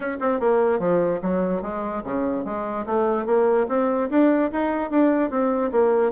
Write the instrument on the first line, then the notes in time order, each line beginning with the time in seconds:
bassoon
0.00 C#4
0.20 C4
0.40 A#3
0.79 F3
1.21 F#3
1.62 G#3
2.04 C#3
2.44 G#3
2.86 A3
3.26 A#3
3.68 C4
4.09 D4
4.52 D#4
4.90 D4
5.30 C4
5.71 A#3